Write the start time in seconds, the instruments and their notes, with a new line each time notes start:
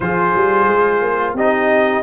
0.00 tuba F3, trombone F4, horn G#4, trumpet C5
0.34 tuba G3
0.67 tuba G#3
1.01 tuba A#3
1.33 tuba C4, trombone D#4, horn G4, trumpet D#5